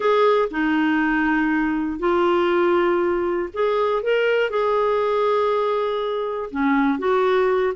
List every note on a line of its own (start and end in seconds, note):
0.00 0.49 G#4
0.50 1.99 D#4
1.99 3.49 F4
3.53 4.02 G#4
4.02 4.50 A#4
4.50 6.50 G#4
6.50 6.98 C#4
6.98 7.73 F#4